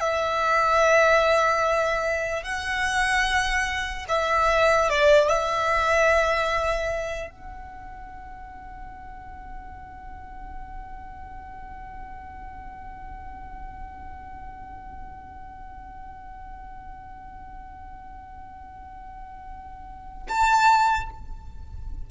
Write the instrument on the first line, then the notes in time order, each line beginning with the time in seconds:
violin
0.00 E5
2.43 F#5
4.08 E5
4.89 D5
5.28 E5
7.30 F#5
20.28 A5